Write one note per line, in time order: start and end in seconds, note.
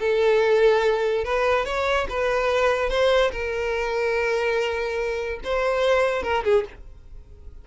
0.00 1.24 A4
1.24 1.65 B4
1.65 2.07 C#5
2.09 2.89 B4
2.89 3.31 C5
3.31 5.40 A#4
5.44 6.23 C5
6.23 6.43 A#4
6.44 6.65 G#4